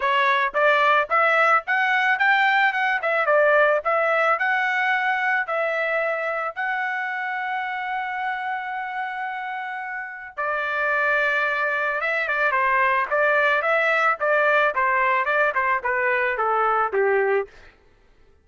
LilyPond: \new Staff \with { instrumentName = "trumpet" } { \time 4/4 \tempo 4 = 110 cis''4 d''4 e''4 fis''4 | g''4 fis''8 e''8 d''4 e''4 | fis''2 e''2 | fis''1~ |
fis''2. d''4~ | d''2 e''8 d''8 c''4 | d''4 e''4 d''4 c''4 | d''8 c''8 b'4 a'4 g'4 | }